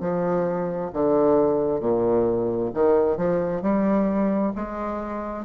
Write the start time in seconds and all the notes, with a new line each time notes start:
0.00 F3
0.93 D3
1.80 A#2
2.74 D#3
3.17 F3
3.62 G3
4.55 G#3